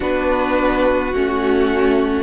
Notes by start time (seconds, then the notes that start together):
0.00 B3 D4 F#4 B4
1.14 A3 C#4 F#4